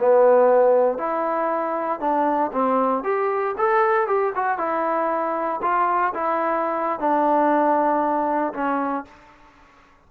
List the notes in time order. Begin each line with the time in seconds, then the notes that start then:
0.00 B3
0.98 E4
2.00 D4
2.52 C4
3.04 G4
3.58 A4
4.07 G4
4.35 F#4
4.58 E4
5.62 F4
6.14 E4
7.00 D4
8.54 C#4